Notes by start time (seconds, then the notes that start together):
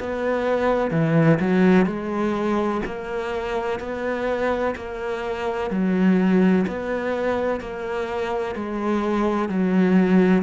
0.00 B3
0.91 E3
1.40 F#3
1.86 G#3
2.86 A#3
3.80 B3
4.76 A#3
5.71 F#3
6.68 B3
7.60 A#3
8.55 G#3
9.49 F#3